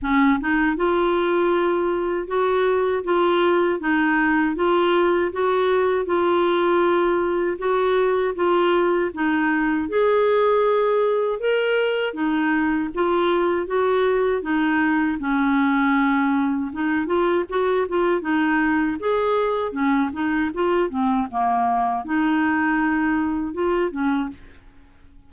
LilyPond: \new Staff \with { instrumentName = "clarinet" } { \time 4/4 \tempo 4 = 79 cis'8 dis'8 f'2 fis'4 | f'4 dis'4 f'4 fis'4 | f'2 fis'4 f'4 | dis'4 gis'2 ais'4 |
dis'4 f'4 fis'4 dis'4 | cis'2 dis'8 f'8 fis'8 f'8 | dis'4 gis'4 cis'8 dis'8 f'8 c'8 | ais4 dis'2 f'8 cis'8 | }